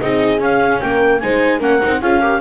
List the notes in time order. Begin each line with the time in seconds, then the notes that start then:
0.00 C4 D#4 G#4 D#5
0.38 C#4 F5
0.80 A#3 A#4 G5
1.19 G#3 D#4 C5 G#5
1.59 A#3 C#4 A#4 F#5
1.82 C4 D#4
2.01 C#4 F4 G#4 F5
2.19 G4 A#4